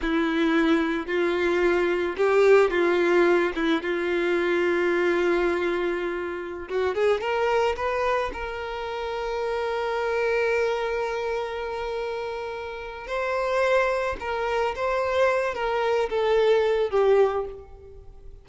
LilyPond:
\new Staff \with { instrumentName = "violin" } { \time 4/4 \tempo 4 = 110 e'2 f'2 | g'4 f'4. e'8 f'4~ | f'1~ | f'16 fis'8 gis'8 ais'4 b'4 ais'8.~ |
ais'1~ | ais'1 | c''2 ais'4 c''4~ | c''8 ais'4 a'4. g'4 | }